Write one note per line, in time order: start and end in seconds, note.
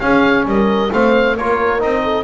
0.00 0.90 C#4
0.00 0.46 C#4
0.00 0.48 G#4
0.00 0.45 F5
0.46 0.90 G3
0.46 0.93 A#4
0.46 0.93 D#5
0.93 1.38 A3
0.93 1.37 C4
0.93 1.36 C5
0.93 1.38 F5
1.36 1.82 A#3
1.36 1.79 F4
1.36 2.03 A#4
1.36 1.82 C#5
1.79 2.24 C4
1.79 2.24 D#4
1.79 2.24 D#5
2.03 2.24 A4